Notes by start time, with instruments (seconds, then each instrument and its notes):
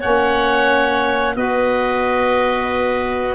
0.00 tuba A#3, saxophone C#4, clarinet C#5, oboe F#5
1.35 tuba B3, saxophone F#4, clarinet B4, oboe D#5